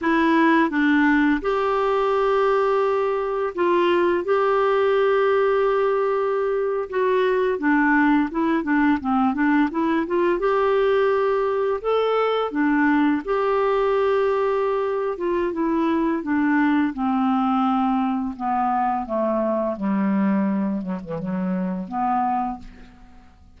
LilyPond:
\new Staff \with { instrumentName = "clarinet" } { \time 4/4 \tempo 4 = 85 e'4 d'4 g'2~ | g'4 f'4 g'2~ | g'4.~ g'16 fis'4 d'4 e'16~ | e'16 d'8 c'8 d'8 e'8 f'8 g'4~ g'16~ |
g'8. a'4 d'4 g'4~ g'16~ | g'4. f'8 e'4 d'4 | c'2 b4 a4 | g4. fis16 e16 fis4 b4 | }